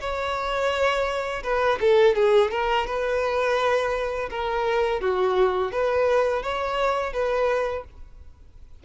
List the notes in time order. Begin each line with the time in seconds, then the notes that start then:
0.00 C#5
1.44 B4
1.81 A4
2.15 G#4
2.51 A#4
2.87 B4
4.30 A#4
5.01 F#4
5.72 B4
6.43 C#5
7.13 B4